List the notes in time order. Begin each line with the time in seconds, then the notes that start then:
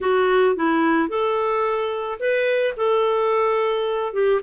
0.01 F#4
0.56 E4
1.08 A4
2.19 B4
2.76 A4
4.13 G4